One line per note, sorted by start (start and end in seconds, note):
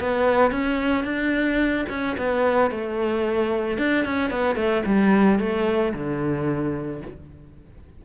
0.00 0.51 B3
0.51 1.04 C#4
1.04 1.86 D4
1.89 2.16 C#4
2.18 2.71 B3
2.71 3.78 A3
3.78 4.05 D4
4.05 4.30 C#4
4.30 4.56 B3
4.56 4.83 A3
4.86 5.39 G3
5.39 5.93 A3
5.94 7.02 D3